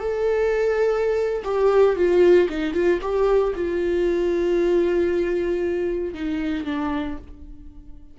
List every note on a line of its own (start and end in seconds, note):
0.00 1.43 A4
1.45 1.97 G4
1.97 2.49 F4
2.49 2.74 D#4
2.74 3.00 F4
3.02 3.54 G4
3.55 6.14 F4
6.14 6.65 D#4
6.65 7.17 D4